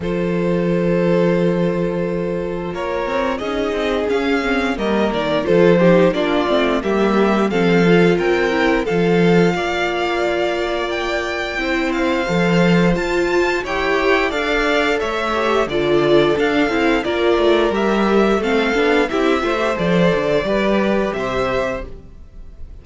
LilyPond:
<<
  \new Staff \with { instrumentName = "violin" } { \time 4/4 \tempo 4 = 88 c''1 | cis''4 dis''4 f''4 dis''8 d''8 | c''4 d''4 e''4 f''4 | g''4 f''2. |
g''4. f''4. a''4 | g''4 f''4 e''4 d''4 | f''4 d''4 e''4 f''4 | e''4 d''2 e''4 | }
  \new Staff \with { instrumentName = "violin" } { \time 4/4 a'1 | ais'4 gis'2 ais'4 | a'8 g'8 f'4 g'4 a'4 | ais'4 a'4 d''2~ |
d''4 c''2. | cis''4 d''4 cis''4 a'4~ | a'4 ais'2 a'4 | g'8 c''4. b'4 c''4 | }
  \new Staff \with { instrumentName = "viola" } { \time 4/4 f'1~ | f'4 dis'4 cis'8 c'8 ais4 | f'8 dis'8 d'8 c'8 ais4 c'8 f'8~ | f'8 e'8 f'2.~ |
f'4 e'4 a'4 f'4 | g'4 a'4. g'8 f'4 | d'8 e'8 f'4 g'4 c'8 d'8 | e'8 f'16 g'16 a'4 g'2 | }
  \new Staff \with { instrumentName = "cello" } { \time 4/4 f1 | ais8 c'8 cis'8 c'8 cis'4 g8 dis8 | f4 ais8 a8 g4 f4 | c'4 f4 ais2~ |
ais4 c'4 f4 f'4 | e'4 d'4 a4 d4 | d'8 c'8 ais8 a8 g4 a8 b8 | c'8 a8 f8 d8 g4 c4 | }
>>